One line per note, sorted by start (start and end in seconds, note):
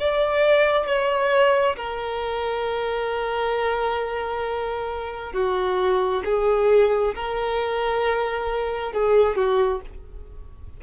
0.00 0.87 D5
0.87 1.76 C#5
1.76 5.33 A#4
5.33 6.22 F#4
6.25 7.14 G#4
7.15 8.93 A#4
8.93 9.36 G#4
9.36 9.81 F#4